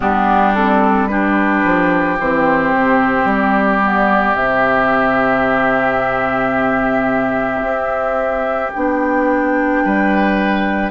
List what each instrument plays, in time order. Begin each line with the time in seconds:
0.00 bassoon G3, clarinet B3, oboe D4, flute G4
0.54 clarinet C4, flute A4
1.07 clarinet D4, oboe G4, flute B4
1.64 bassoon F3
2.19 bassoon E3, clarinet C4, flute C5
2.73 bassoon C3
3.24 bassoon G3
3.30 flute D5
3.82 clarinet B3
4.33 bassoon C3, clarinet C4, flute E5
7.61 bassoon C4
8.72 bassoon B3, clarinet D4, flute G5
9.84 bassoon G3, oboe B4